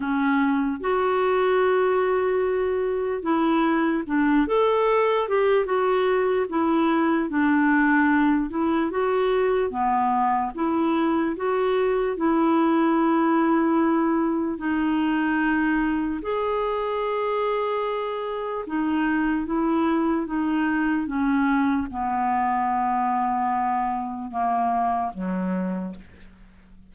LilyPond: \new Staff \with { instrumentName = "clarinet" } { \time 4/4 \tempo 4 = 74 cis'4 fis'2. | e'4 d'8 a'4 g'8 fis'4 | e'4 d'4. e'8 fis'4 | b4 e'4 fis'4 e'4~ |
e'2 dis'2 | gis'2. dis'4 | e'4 dis'4 cis'4 b4~ | b2 ais4 fis4 | }